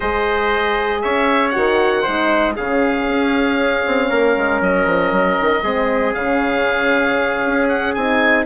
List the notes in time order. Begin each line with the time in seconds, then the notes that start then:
0.00 G#3 G#4 C5 D#5
1.01 C#4 C#5 E5
1.49 F#4 F#5
1.56 D#3
2.02 G#3 D#4 C5
2.56 C#3 C#4 G#4 F5
3.07 C#4
3.87 C4
4.09 A#3 A#4
4.37 G#3
4.60 F#3 D#5
4.86 F3
5.11 F#3
5.40 D#3
5.62 G#3 C4 G#4
6.14 C#3 C#4 F5
7.46 C#4
7.68 F#5
7.94 C4 D#4 G#5